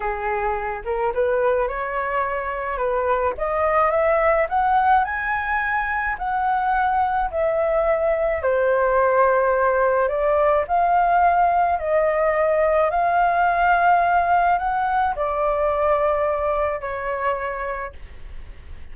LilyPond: \new Staff \with { instrumentName = "flute" } { \time 4/4 \tempo 4 = 107 gis'4. ais'8 b'4 cis''4~ | cis''4 b'4 dis''4 e''4 | fis''4 gis''2 fis''4~ | fis''4 e''2 c''4~ |
c''2 d''4 f''4~ | f''4 dis''2 f''4~ | f''2 fis''4 d''4~ | d''2 cis''2 | }